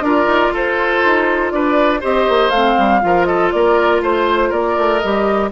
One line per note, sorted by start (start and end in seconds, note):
0.00 0.25 D4
0.00 2.01 F4
0.00 0.52 A#4
0.00 0.53 D5
0.27 0.49 D#4
0.49 0.99 F4
0.49 1.52 A4
0.56 1.51 C5
1.05 1.53 D#4
1.51 2.03 D4
1.51 2.00 B4
1.51 2.01 D5
2.00 2.28 C4
2.00 2.51 G4
2.00 3.00 C5
2.00 2.50 D#5
2.28 2.50 A#3
2.50 2.75 A3
2.50 3.01 C4
2.50 3.25 F5
2.78 3.03 G3
3.01 3.53 F3
3.01 5.01 F4
3.01 3.27 A#4
3.25 3.52 A4
3.25 3.50 D#5
3.52 4.01 A#3
3.52 4.02 A#4
3.52 4.02 D5
4.01 4.51 A3
4.01 4.49 C5
4.01 4.52 C5
4.49 4.76 A#3
4.49 5.49 A#4
4.49 4.98 D5
4.77 5.02 A3
4.98 5.51 G3
4.98 5.51 G4
4.98 5.48 D#5